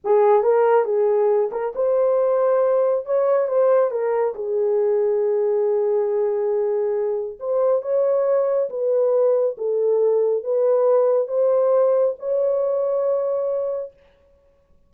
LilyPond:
\new Staff \with { instrumentName = "horn" } { \time 4/4 \tempo 4 = 138 gis'4 ais'4 gis'4. ais'8 | c''2. cis''4 | c''4 ais'4 gis'2~ | gis'1~ |
gis'4 c''4 cis''2 | b'2 a'2 | b'2 c''2 | cis''1 | }